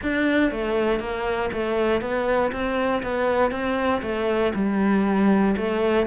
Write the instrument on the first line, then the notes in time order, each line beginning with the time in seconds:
cello
0.03 D4
0.51 A3
0.99 A#3
1.52 A3
2.01 B3
2.52 C4
3.03 B3
3.51 C4
4.02 A3
4.54 G3
5.56 A3